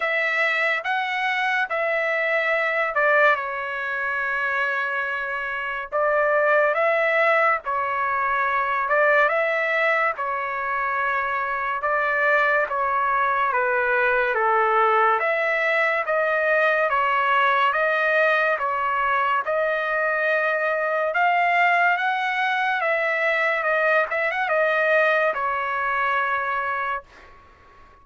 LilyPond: \new Staff \with { instrumentName = "trumpet" } { \time 4/4 \tempo 4 = 71 e''4 fis''4 e''4. d''8 | cis''2. d''4 | e''4 cis''4. d''8 e''4 | cis''2 d''4 cis''4 |
b'4 a'4 e''4 dis''4 | cis''4 dis''4 cis''4 dis''4~ | dis''4 f''4 fis''4 e''4 | dis''8 e''16 fis''16 dis''4 cis''2 | }